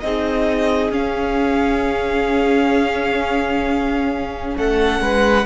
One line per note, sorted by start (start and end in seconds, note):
0.00 0.91 C4
0.00 0.91 D#4
0.00 4.57 G#4
0.00 0.91 D#5
0.91 4.55 C#4
0.91 5.46 C#4
0.91 4.57 F5
4.57 5.00 A3
4.57 5.02 A4
4.57 5.46 F#5
5.00 5.45 G#3
5.00 5.46 B4